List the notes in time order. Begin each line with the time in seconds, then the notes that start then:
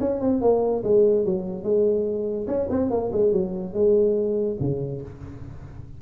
0.00 C#4
0.20 C4
0.41 A#3
0.84 G#3
1.25 F#3
1.63 G#3
2.47 C#4
2.70 C4
2.90 A#3
3.12 G#3
3.32 F#3
3.74 G#3
4.60 C#3